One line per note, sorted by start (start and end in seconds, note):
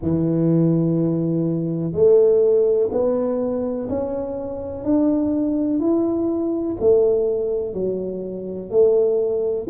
0.02 1.92 E3
1.92 2.89 A3
2.91 3.88 B3
3.89 4.84 C#4
4.84 5.79 D4
5.79 6.76 E4
6.80 7.73 A3
7.73 8.70 F#3
8.70 9.67 A3